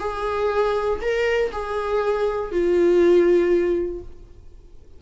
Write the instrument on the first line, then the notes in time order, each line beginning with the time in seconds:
viola
0.00 G#4
1.02 A#4
1.52 G#4
2.52 F4